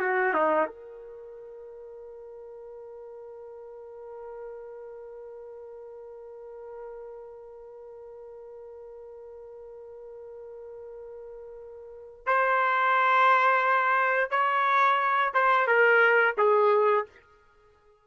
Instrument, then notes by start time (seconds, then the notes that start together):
trumpet
0.00 F#4
0.34 D#4
0.66 A#4
12.27 C5
14.31 C#5
15.34 C5
15.68 A#4
16.38 G#4